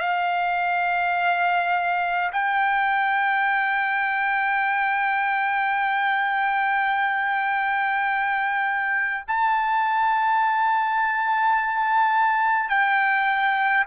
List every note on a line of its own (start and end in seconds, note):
0.00 2.31 F5
2.32 9.25 G5
9.28 12.69 A5
12.69 13.85 G5